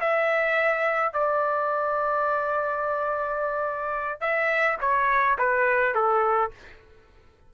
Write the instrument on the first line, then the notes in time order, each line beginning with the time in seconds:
trumpet
0.00 E5
1.13 D5
4.20 E5
4.80 C#5
5.38 B4
5.94 A4